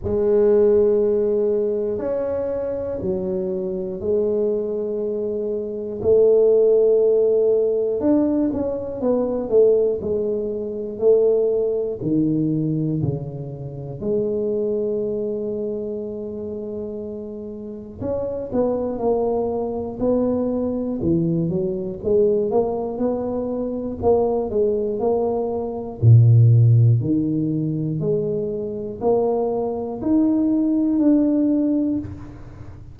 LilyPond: \new Staff \with { instrumentName = "tuba" } { \time 4/4 \tempo 4 = 60 gis2 cis'4 fis4 | gis2 a2 | d'8 cis'8 b8 a8 gis4 a4 | dis4 cis4 gis2~ |
gis2 cis'8 b8 ais4 | b4 e8 fis8 gis8 ais8 b4 | ais8 gis8 ais4 ais,4 dis4 | gis4 ais4 dis'4 d'4 | }